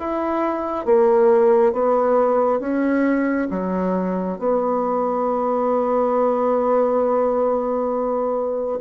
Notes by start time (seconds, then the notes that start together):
0.00 E4
0.86 A#3
1.73 B3
2.60 C#4
3.51 F#3
4.39 B3